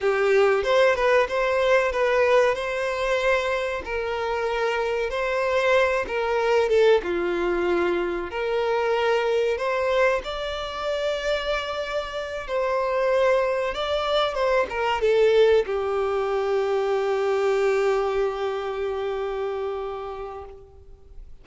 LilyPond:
\new Staff \with { instrumentName = "violin" } { \time 4/4 \tempo 4 = 94 g'4 c''8 b'8 c''4 b'4 | c''2 ais'2 | c''4. ais'4 a'8 f'4~ | f'4 ais'2 c''4 |
d''2.~ d''8 c''8~ | c''4. d''4 c''8 ais'8 a'8~ | a'8 g'2.~ g'8~ | g'1 | }